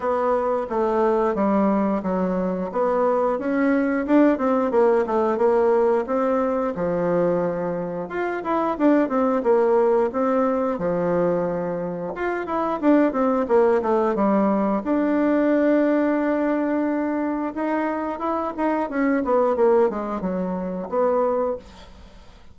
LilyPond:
\new Staff \with { instrumentName = "bassoon" } { \time 4/4 \tempo 4 = 89 b4 a4 g4 fis4 | b4 cis'4 d'8 c'8 ais8 a8 | ais4 c'4 f2 | f'8 e'8 d'8 c'8 ais4 c'4 |
f2 f'8 e'8 d'8 c'8 | ais8 a8 g4 d'2~ | d'2 dis'4 e'8 dis'8 | cis'8 b8 ais8 gis8 fis4 b4 | }